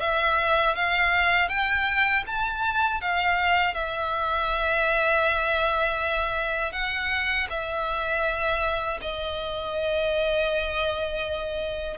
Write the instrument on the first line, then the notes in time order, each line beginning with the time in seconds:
violin
0.00 E5
0.75 F5
1.48 G5
2.26 A5
3.00 F5
3.74 E5
6.72 F#5
7.49 E5
9.01 D#5